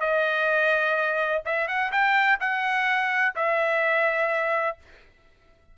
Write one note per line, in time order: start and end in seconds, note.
0.00 1.42 D#5
1.45 1.68 E5
1.68 1.91 F#5
1.92 2.39 G5
2.40 3.34 F#5
3.35 4.77 E5